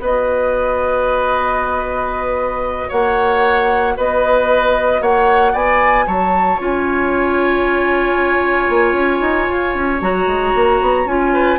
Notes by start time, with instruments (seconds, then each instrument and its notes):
0.00 bassoon B3, clarinet F#4, oboe B4, flute D#5
2.89 bassoon A#3, oboe C#5, flute F#5
3.97 bassoon B3, oboe B4, flute D#5
5.01 bassoon A#3, oboe C#5, flute F#5
5.53 bassoon B3, oboe D5, flute G#5
6.07 bassoon F#3, oboe C#5, flute A5
6.60 bassoon C#4, clarinet F4, flute G#5
8.70 bassoon A#3
8.93 bassoon C#4
9.21 bassoon D#4
9.49 bassoon F4
9.75 bassoon C#4
10.01 bassoon F#3, clarinet F#4, flute A#5
10.27 bassoon G#3
10.55 bassoon A#3
10.81 bassoon B3
11.06 bassoon C#4, clarinet F4, flute G#5
11.33 oboe B4